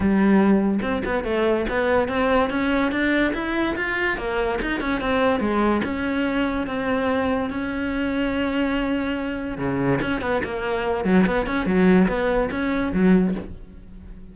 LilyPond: \new Staff \with { instrumentName = "cello" } { \time 4/4 \tempo 4 = 144 g2 c'8 b8 a4 | b4 c'4 cis'4 d'4 | e'4 f'4 ais4 dis'8 cis'8 | c'4 gis4 cis'2 |
c'2 cis'2~ | cis'2. cis4 | cis'8 b8 ais4. fis8 b8 cis'8 | fis4 b4 cis'4 fis4 | }